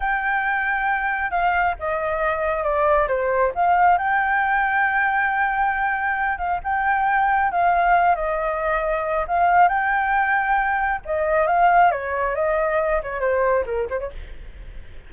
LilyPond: \new Staff \with { instrumentName = "flute" } { \time 4/4 \tempo 4 = 136 g''2. f''4 | dis''2 d''4 c''4 | f''4 g''2.~ | g''2~ g''8 f''8 g''4~ |
g''4 f''4. dis''4.~ | dis''4 f''4 g''2~ | g''4 dis''4 f''4 cis''4 | dis''4. cis''8 c''4 ais'8 c''16 cis''16 | }